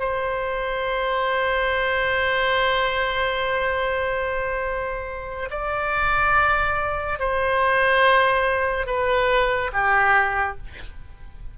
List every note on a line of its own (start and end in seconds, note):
0.00 5.49 C5
5.50 7.19 D5
7.19 8.87 C5
8.87 9.71 B4
9.73 10.57 G4